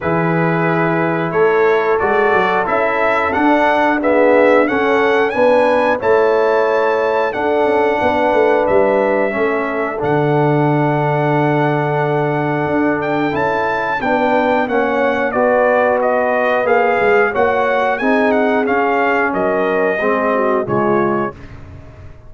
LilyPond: <<
  \new Staff \with { instrumentName = "trumpet" } { \time 4/4 \tempo 4 = 90 b'2 cis''4 d''4 | e''4 fis''4 e''4 fis''4 | gis''4 a''2 fis''4~ | fis''4 e''2 fis''4~ |
fis''2.~ fis''8 g''8 | a''4 g''4 fis''4 d''4 | dis''4 f''4 fis''4 gis''8 fis''8 | f''4 dis''2 cis''4 | }
  \new Staff \with { instrumentName = "horn" } { \time 4/4 gis'2 a'2~ | a'2 gis'4 a'4 | b'4 cis''2 a'4 | b'2 a'2~ |
a'1~ | a'4 b'4 cis''4 b'4~ | b'2 cis''4 gis'4~ | gis'4 ais'4 gis'8 fis'8 f'4 | }
  \new Staff \with { instrumentName = "trombone" } { \time 4/4 e'2. fis'4 | e'4 d'4 b4 cis'4 | d'4 e'2 d'4~ | d'2 cis'4 d'4~ |
d'1 | e'4 d'4 cis'4 fis'4~ | fis'4 gis'4 fis'4 dis'4 | cis'2 c'4 gis4 | }
  \new Staff \with { instrumentName = "tuba" } { \time 4/4 e2 a4 gis8 fis8 | cis'4 d'2 cis'4 | b4 a2 d'8 cis'8 | b8 a8 g4 a4 d4~ |
d2. d'4 | cis'4 b4 ais4 b4~ | b4 ais8 gis8 ais4 c'4 | cis'4 fis4 gis4 cis4 | }
>>